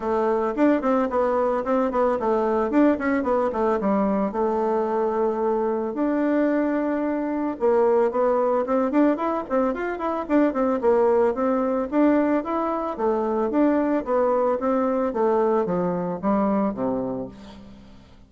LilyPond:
\new Staff \with { instrumentName = "bassoon" } { \time 4/4 \tempo 4 = 111 a4 d'8 c'8 b4 c'8 b8 | a4 d'8 cis'8 b8 a8 g4 | a2. d'4~ | d'2 ais4 b4 |
c'8 d'8 e'8 c'8 f'8 e'8 d'8 c'8 | ais4 c'4 d'4 e'4 | a4 d'4 b4 c'4 | a4 f4 g4 c4 | }